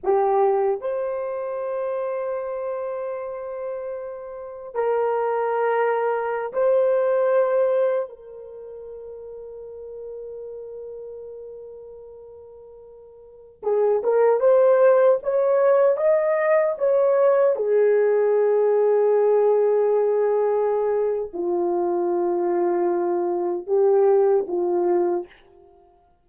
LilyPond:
\new Staff \with { instrumentName = "horn" } { \time 4/4 \tempo 4 = 76 g'4 c''2.~ | c''2 ais'2~ | ais'16 c''2 ais'4.~ ais'16~ | ais'1~ |
ais'4~ ais'16 gis'8 ais'8 c''4 cis''8.~ | cis''16 dis''4 cis''4 gis'4.~ gis'16~ | gis'2. f'4~ | f'2 g'4 f'4 | }